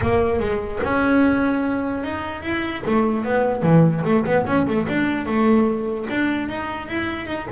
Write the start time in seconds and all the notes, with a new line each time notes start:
0.01 A#3
0.39 G#3
0.83 C#4
2.03 D#4
2.42 E4
2.85 A3
3.24 B3
3.62 E3
4.04 A3
4.25 B3
4.46 C#4
4.67 A3
4.88 D4
5.25 A3
6.10 D4
6.48 D#4
6.88 E4
7.27 D#4